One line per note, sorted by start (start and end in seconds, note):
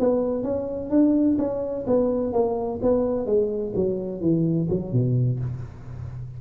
0.00 0.43 B3
0.43 0.90 C#4
0.90 1.37 D4
1.39 1.86 C#4
1.87 2.33 B3
2.33 2.80 A#3
2.82 3.26 B3
3.26 3.74 G#3
3.76 4.21 F#3
4.21 4.68 E3
4.70 4.93 F#3
4.93 5.40 B2